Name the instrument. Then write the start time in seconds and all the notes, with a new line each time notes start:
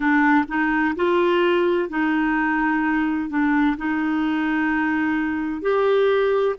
clarinet
0.00 D4
0.48 D#4
0.95 F4
1.89 D#4
3.29 D4
3.77 D#4
5.61 G4